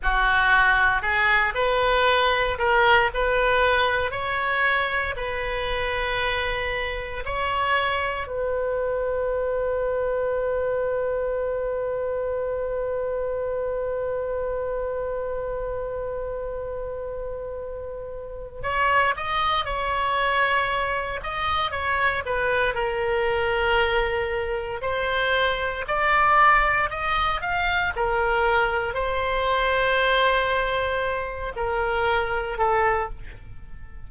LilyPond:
\new Staff \with { instrumentName = "oboe" } { \time 4/4 \tempo 4 = 58 fis'4 gis'8 b'4 ais'8 b'4 | cis''4 b'2 cis''4 | b'1~ | b'1~ |
b'2 cis''8 dis''8 cis''4~ | cis''8 dis''8 cis''8 b'8 ais'2 | c''4 d''4 dis''8 f''8 ais'4 | c''2~ c''8 ais'4 a'8 | }